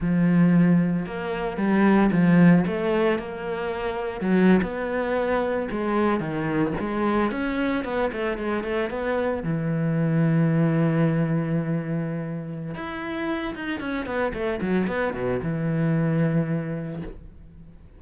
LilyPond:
\new Staff \with { instrumentName = "cello" } { \time 4/4 \tempo 4 = 113 f2 ais4 g4 | f4 a4 ais2 | fis8. b2 gis4 dis16~ | dis8. gis4 cis'4 b8 a8 gis16~ |
gis16 a8 b4 e2~ e16~ | e1 | e'4. dis'8 cis'8 b8 a8 fis8 | b8 b,8 e2. | }